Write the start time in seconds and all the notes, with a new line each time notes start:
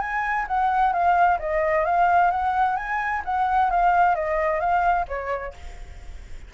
0.00 G#5
0.47 F#5
0.92 F5
1.39 D#5
1.84 F5
2.30 F#5
2.76 G#5
3.24 F#5
3.70 F5
4.15 D#5
4.59 F5
5.08 C#5